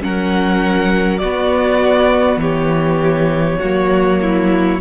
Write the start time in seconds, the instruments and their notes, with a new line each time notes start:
0.00 cello F#3, viola C#4, violin A#4 F#5
1.18 cello B3, viola B3, violin F#4 D5
2.37 cello E3, violin G4 C#5
3.59 cello F#3, viola A#3, violin F#4
4.21 violin E4